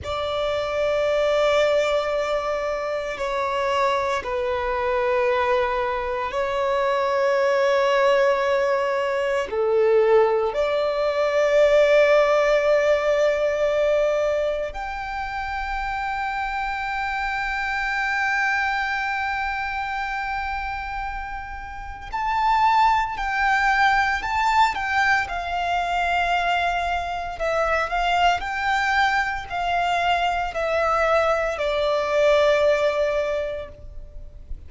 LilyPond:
\new Staff \with { instrumentName = "violin" } { \time 4/4 \tempo 4 = 57 d''2. cis''4 | b'2 cis''2~ | cis''4 a'4 d''2~ | d''2 g''2~ |
g''1~ | g''4 a''4 g''4 a''8 g''8 | f''2 e''8 f''8 g''4 | f''4 e''4 d''2 | }